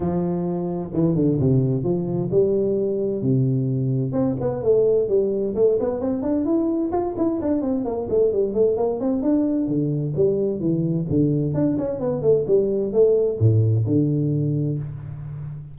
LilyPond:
\new Staff \with { instrumentName = "tuba" } { \time 4/4 \tempo 4 = 130 f2 e8 d8 c4 | f4 g2 c4~ | c4 c'8 b8 a4 g4 | a8 b8 c'8 d'8 e'4 f'8 e'8 |
d'8 c'8 ais8 a8 g8 a8 ais8 c'8 | d'4 d4 g4 e4 | d4 d'8 cis'8 b8 a8 g4 | a4 a,4 d2 | }